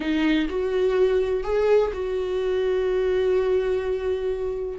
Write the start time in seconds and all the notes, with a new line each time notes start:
0.00 D#4
0.49 F#4
1.43 G#4
1.93 F#4